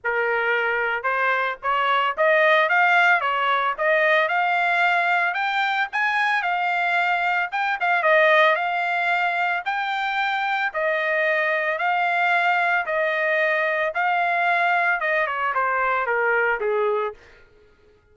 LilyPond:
\new Staff \with { instrumentName = "trumpet" } { \time 4/4 \tempo 4 = 112 ais'2 c''4 cis''4 | dis''4 f''4 cis''4 dis''4 | f''2 g''4 gis''4 | f''2 g''8 f''8 dis''4 |
f''2 g''2 | dis''2 f''2 | dis''2 f''2 | dis''8 cis''8 c''4 ais'4 gis'4 | }